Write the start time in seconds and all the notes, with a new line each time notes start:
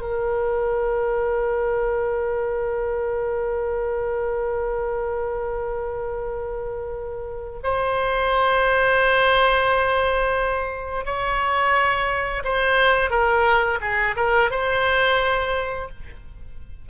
0.00 A#4
7.63 C5
11.05 C#5
12.44 C5
13.10 A#4
13.81 G#4
14.16 A#4
14.50 C5